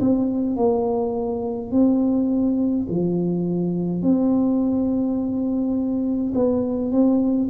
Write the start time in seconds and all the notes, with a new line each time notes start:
0.00 C4
0.57 A#3
1.72 C4
2.89 F3
4.02 C4
6.35 B3
6.91 C4